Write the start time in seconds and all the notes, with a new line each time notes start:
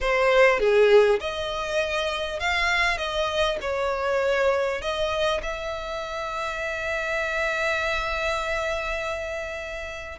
0.00 C5
0.59 G#4
1.20 D#5
2.39 F5
2.97 D#5
3.61 C#5
4.81 D#5
5.42 E5